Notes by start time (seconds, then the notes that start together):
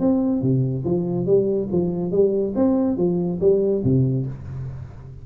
0.00 C4
0.42 C3
0.85 F3
1.26 G3
1.72 F3
2.12 G3
2.56 C4
2.98 F3
3.41 G3
3.84 C3